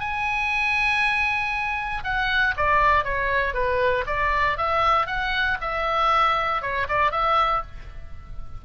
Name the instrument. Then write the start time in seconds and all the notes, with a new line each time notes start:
oboe
0.00 G#5
2.04 F#5
2.57 D5
3.05 C#5
3.54 B4
4.07 D5
4.58 E5
5.07 F#5
5.61 E5
6.62 C#5
6.89 D5
7.12 E5